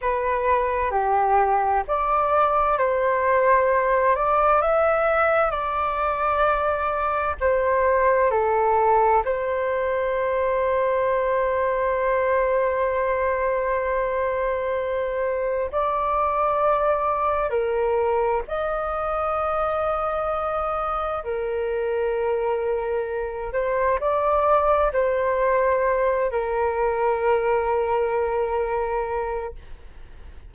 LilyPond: \new Staff \with { instrumentName = "flute" } { \time 4/4 \tempo 4 = 65 b'4 g'4 d''4 c''4~ | c''8 d''8 e''4 d''2 | c''4 a'4 c''2~ | c''1~ |
c''4 d''2 ais'4 | dis''2. ais'4~ | ais'4. c''8 d''4 c''4~ | c''8 ais'2.~ ais'8 | }